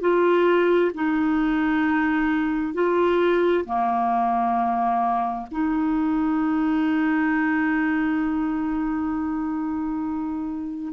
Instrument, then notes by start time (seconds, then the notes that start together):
clarinet
0.00 F4
0.94 D#4
2.74 F4
3.64 A#3
5.50 D#4